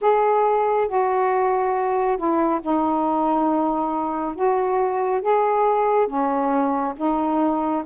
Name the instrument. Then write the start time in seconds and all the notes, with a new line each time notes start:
saxophone
0.01 G#4
0.88 F#4
2.17 E4
2.61 D#4
4.35 F#4
5.21 G#4
6.07 C#4
6.96 D#4